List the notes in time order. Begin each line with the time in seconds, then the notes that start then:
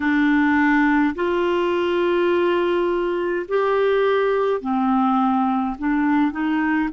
0.00 D4
1.15 F4
3.48 G4
4.60 C4
5.78 D4
6.31 D#4